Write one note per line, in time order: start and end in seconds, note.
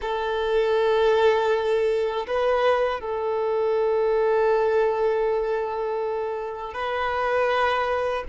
0.01 2.26 A4
2.27 3.00 B4
3.00 6.73 A4
6.73 8.23 B4